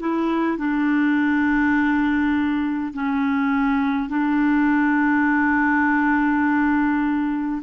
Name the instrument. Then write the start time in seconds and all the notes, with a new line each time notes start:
clarinet
0.00 E4
0.58 D4
2.94 C#4
4.09 D4